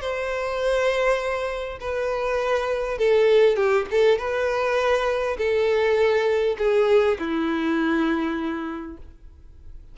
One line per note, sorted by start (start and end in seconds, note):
0.00 1.78 C5
1.80 2.98 B4
2.98 3.56 A4
3.56 3.85 G4
3.91 4.18 A4
4.18 5.37 B4
5.38 6.56 A4
6.58 7.17 G#4
7.19 8.97 E4